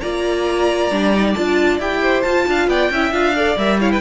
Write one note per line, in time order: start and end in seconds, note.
0.00 0.90 A#3
0.00 0.91 F4
0.00 2.01 D5
0.00 1.33 A#5
0.90 1.34 G3
0.90 1.13 D4
1.13 1.35 D#4
1.33 1.79 D4
1.33 1.80 F4
1.33 1.77 A5
1.79 2.23 E4
1.79 2.24 G4
1.79 2.22 G5
2.01 2.46 C5
2.22 2.46 F4
2.22 2.92 F4
2.22 2.66 A5
2.47 2.67 D4
2.47 2.69 F5
2.67 2.89 B3
2.67 2.91 D5
2.67 3.12 G5
2.90 3.11 C#4
2.90 3.12 E4
2.90 3.36 E5
3.11 3.56 D4
3.11 3.34 F4
3.11 3.57 F5
3.35 3.58 A4
3.35 3.80 D5
3.56 4.00 G3
3.56 3.80 A#4
3.56 3.80 E5
3.80 4.01 E4
3.80 3.91 C#5
3.80 3.91 F5
3.91 4.01 B4
3.91 4.01 G5